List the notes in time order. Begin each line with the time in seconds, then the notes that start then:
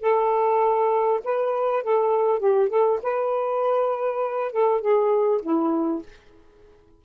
0.00 A4
1.24 B4
1.83 A4
2.39 G4
2.69 A4
3.02 B4
4.52 A4
4.81 G#4
5.42 E4